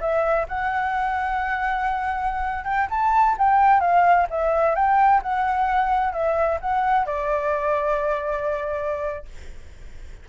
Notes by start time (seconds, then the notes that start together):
0.00 E5
0.48 F#5
2.64 G5
2.90 A5
3.38 G5
3.80 F5
4.29 E5
4.75 G5
5.22 F#5
6.12 E5
6.60 F#5
7.06 D5